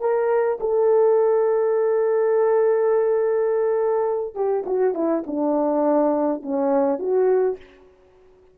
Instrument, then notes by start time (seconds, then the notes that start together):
horn
0.00 A#4
0.60 A4
4.35 G4
4.66 F#4
4.94 E4
5.26 D4
6.42 C#4
6.99 F#4